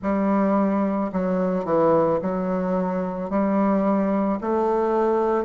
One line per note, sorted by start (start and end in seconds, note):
0.02 1.11 G3
1.12 1.65 F#3
1.65 2.19 E3
2.22 3.30 F#3
3.30 4.39 G3
4.40 5.44 A3